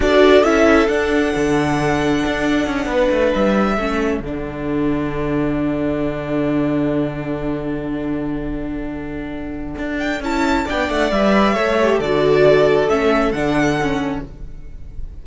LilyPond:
<<
  \new Staff \with { instrumentName = "violin" } { \time 4/4 \tempo 4 = 135 d''4 e''4 fis''2~ | fis''2.~ fis''8 e''8~ | e''4. fis''2~ fis''8~ | fis''1~ |
fis''1~ | fis''2~ fis''8 g''8 a''4 | g''8 fis''8 e''2 d''4~ | d''4 e''4 fis''2 | }
  \new Staff \with { instrumentName = "violin" } { \time 4/4 a'1~ | a'2~ a'8 b'4.~ | b'8 a'2.~ a'8~ | a'1~ |
a'1~ | a'1 | d''2 cis''4 a'4~ | a'1 | }
  \new Staff \with { instrumentName = "viola" } { \time 4/4 fis'4 e'4 d'2~ | d'1~ | d'8 cis'4 d'2~ d'8~ | d'1~ |
d'1~ | d'2. e'4 | d'4 b'4 a'8 g'8 fis'4~ | fis'4 cis'4 d'4 cis'4 | }
  \new Staff \with { instrumentName = "cello" } { \time 4/4 d'4 cis'4 d'4 d4~ | d4 d'4 cis'8 b8 a8 g8~ | g8 a4 d2~ d8~ | d1~ |
d1~ | d2 d'4 cis'4 | b8 a8 g4 a4 d4~ | d4 a4 d2 | }
>>